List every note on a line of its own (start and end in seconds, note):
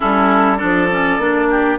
0.00 0.62 G3
0.00 0.58 C#4
0.00 0.57 E4
0.00 0.58 A4
0.57 1.18 F3
0.57 0.88 D4
0.57 1.47 A4
0.57 1.78 D5
0.90 1.20 C#4
1.18 1.78 A#3
1.18 1.78 D4
1.50 1.78 G4